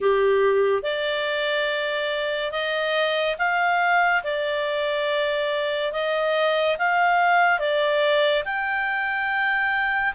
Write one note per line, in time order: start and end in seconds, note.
0.00 0.82 G4
0.82 2.51 D5
2.51 3.36 D#5
3.38 4.23 F5
4.23 5.92 D5
5.92 6.76 D#5
6.78 7.59 F5
7.59 8.43 D5
8.44 10.13 G5